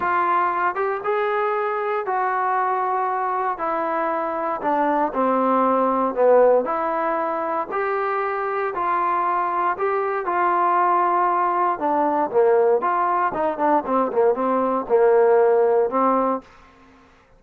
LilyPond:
\new Staff \with { instrumentName = "trombone" } { \time 4/4 \tempo 4 = 117 f'4. g'8 gis'2 | fis'2. e'4~ | e'4 d'4 c'2 | b4 e'2 g'4~ |
g'4 f'2 g'4 | f'2. d'4 | ais4 f'4 dis'8 d'8 c'8 ais8 | c'4 ais2 c'4 | }